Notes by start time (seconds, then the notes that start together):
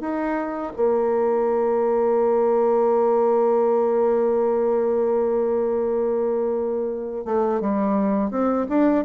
0.00 D#4
0.76 A#3
7.25 A3
7.60 G3
8.30 C4
8.69 D4